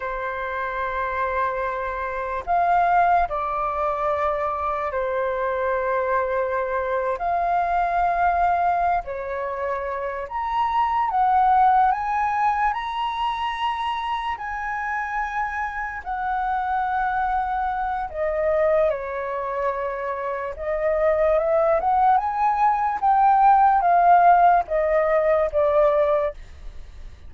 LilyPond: \new Staff \with { instrumentName = "flute" } { \time 4/4 \tempo 4 = 73 c''2. f''4 | d''2 c''2~ | c''8. f''2~ f''16 cis''4~ | cis''8 ais''4 fis''4 gis''4 ais''8~ |
ais''4. gis''2 fis''8~ | fis''2 dis''4 cis''4~ | cis''4 dis''4 e''8 fis''8 gis''4 | g''4 f''4 dis''4 d''4 | }